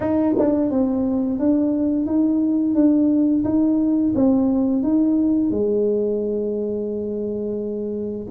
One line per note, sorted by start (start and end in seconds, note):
0.00 0.34 D#4
0.38 0.70 D4
0.70 1.39 C4
1.39 2.05 D4
2.05 2.74 D#4
2.75 3.44 D4
3.44 4.13 D#4
4.15 4.82 C4
4.82 5.50 D#4
5.50 8.26 G#3